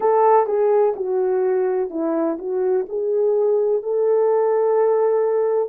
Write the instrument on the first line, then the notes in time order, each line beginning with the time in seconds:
horn
0.00 A4
0.46 G#4
0.96 F#4
1.90 E4
2.38 F#4
2.88 G#4
3.83 A4